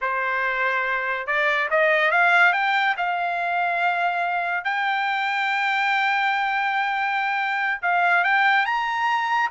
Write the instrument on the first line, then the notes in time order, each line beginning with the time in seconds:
trumpet
0.01 C5
1.26 D5
1.70 D#5
2.11 F5
2.52 G5
2.97 F5
4.64 G5
7.81 F5
8.24 G5
8.65 A#5